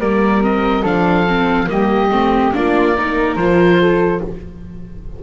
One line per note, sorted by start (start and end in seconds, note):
0.00 0.84 G3
0.00 0.42 A#3
0.00 0.82 A#4
0.00 0.43 D5
0.42 0.84 C4
0.42 0.86 D#5
0.82 1.68 F3
0.82 1.27 D4
0.82 1.67 A4
0.82 1.70 F5
1.28 1.67 C4
1.67 2.11 G3
1.67 2.10 A#3
1.67 2.55 G4
1.67 2.54 D#5
2.11 2.54 A3
2.11 2.53 C4
2.53 3.36 A#3
2.53 2.95 D4
2.53 2.97 F4
2.53 3.36 D5
2.97 3.39 D#4
2.97 3.81 A#4
3.36 4.21 F3
3.36 4.23 F4
3.36 4.20 C5
3.81 4.23 A4